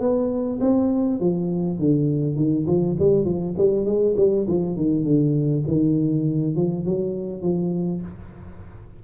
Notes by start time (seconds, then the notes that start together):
0.00 B3
0.61 C4
1.20 F3
1.79 D3
2.36 D#3
2.67 F3
2.99 G3
3.25 F3
3.58 G3
3.86 G#3
4.17 G3
4.48 F3
4.77 D#3
5.04 D3
5.68 D#3
6.56 F3
6.86 F#3
7.42 F3